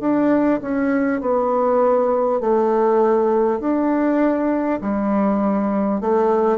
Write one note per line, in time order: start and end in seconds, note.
0.00 0.60 D4
0.61 1.20 C#4
1.20 2.40 B3
2.40 3.59 A3
3.59 4.79 D4
4.81 6.00 G3
6.00 6.58 A3